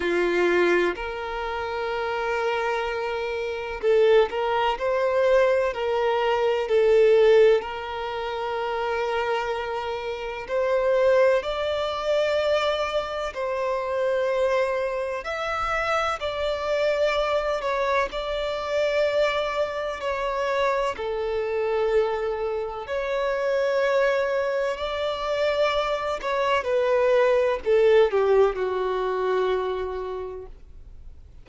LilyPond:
\new Staff \with { instrumentName = "violin" } { \time 4/4 \tempo 4 = 63 f'4 ais'2. | a'8 ais'8 c''4 ais'4 a'4 | ais'2. c''4 | d''2 c''2 |
e''4 d''4. cis''8 d''4~ | d''4 cis''4 a'2 | cis''2 d''4. cis''8 | b'4 a'8 g'8 fis'2 | }